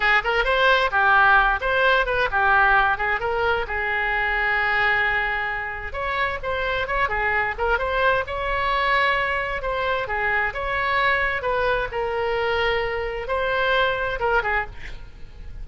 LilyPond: \new Staff \with { instrumentName = "oboe" } { \time 4/4 \tempo 4 = 131 gis'8 ais'8 c''4 g'4. c''8~ | c''8 b'8 g'4. gis'8 ais'4 | gis'1~ | gis'4 cis''4 c''4 cis''8 gis'8~ |
gis'8 ais'8 c''4 cis''2~ | cis''4 c''4 gis'4 cis''4~ | cis''4 b'4 ais'2~ | ais'4 c''2 ais'8 gis'8 | }